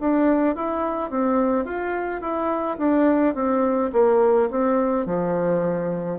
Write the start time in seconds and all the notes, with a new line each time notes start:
0.00 D4
0.55 E4
1.10 C4
1.65 F4
2.21 E4
2.78 D4
3.34 C4
3.93 A#3
4.51 C4
5.06 F3